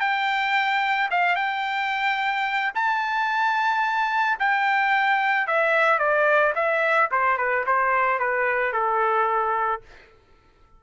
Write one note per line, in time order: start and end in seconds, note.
0.00 1.09 G5
1.11 1.36 F5
1.36 2.72 G5
2.75 4.38 A5
4.39 5.47 G5
5.47 5.99 E5
5.99 6.53 D5
6.55 7.10 E5
7.11 7.38 C5
7.38 7.65 B4
7.66 8.19 C5
8.19 8.73 B4
8.73 9.82 A4